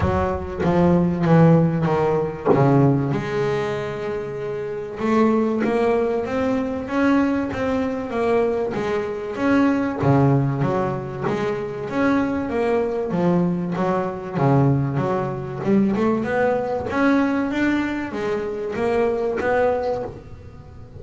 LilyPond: \new Staff \with { instrumentName = "double bass" } { \time 4/4 \tempo 4 = 96 fis4 f4 e4 dis4 | cis4 gis2. | a4 ais4 c'4 cis'4 | c'4 ais4 gis4 cis'4 |
cis4 fis4 gis4 cis'4 | ais4 f4 fis4 cis4 | fis4 g8 a8 b4 cis'4 | d'4 gis4 ais4 b4 | }